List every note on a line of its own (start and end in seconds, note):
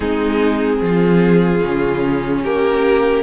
0.00 0.80 G#3
0.00 1.62 C4
0.00 0.80 D#4
0.00 2.41 G#4
0.81 1.62 F3
0.81 2.42 F4
1.62 2.45 C#3
1.62 3.22 C#4
2.42 3.22 A#3
2.42 3.22 G4
2.42 3.22 A#4